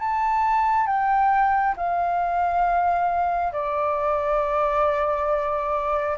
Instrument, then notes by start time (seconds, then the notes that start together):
flute
0.00 A5
0.87 G5
1.77 F5
3.53 D5